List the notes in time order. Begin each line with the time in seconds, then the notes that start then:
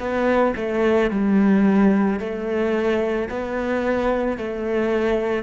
0.00 B3
0.57 A3
1.11 G3
2.20 A3
3.30 B3
4.38 A3